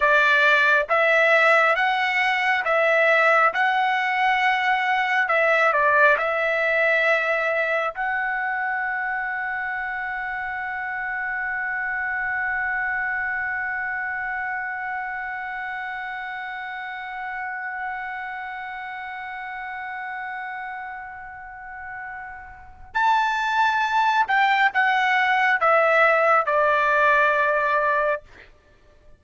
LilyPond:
\new Staff \with { instrumentName = "trumpet" } { \time 4/4 \tempo 4 = 68 d''4 e''4 fis''4 e''4 | fis''2 e''8 d''8 e''4~ | e''4 fis''2.~ | fis''1~ |
fis''1~ | fis''1~ | fis''2 a''4. g''8 | fis''4 e''4 d''2 | }